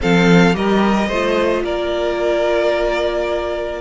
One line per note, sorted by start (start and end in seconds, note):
0.00 0.54 F3
0.00 0.53 C4
0.00 0.56 A4
0.00 0.55 F5
0.53 1.09 G3
0.53 1.07 G4
0.53 1.08 A#4
0.53 1.64 D#5
1.08 1.63 A3
1.08 3.81 F4
1.08 1.62 C5
1.63 3.81 A#3
1.63 3.81 A#4
1.63 3.81 D5